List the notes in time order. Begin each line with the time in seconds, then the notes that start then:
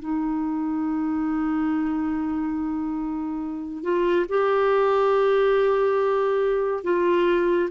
0.00 D#4
3.83 F4
4.29 G4
6.84 F4